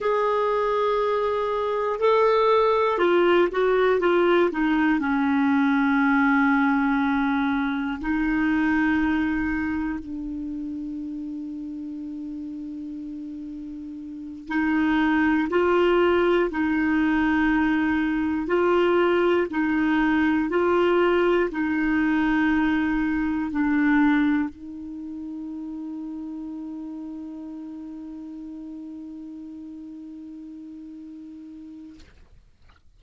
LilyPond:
\new Staff \with { instrumentName = "clarinet" } { \time 4/4 \tempo 4 = 60 gis'2 a'4 f'8 fis'8 | f'8 dis'8 cis'2. | dis'2 d'2~ | d'2~ d'8 dis'4 f'8~ |
f'8 dis'2 f'4 dis'8~ | dis'8 f'4 dis'2 d'8~ | d'8 dis'2.~ dis'8~ | dis'1 | }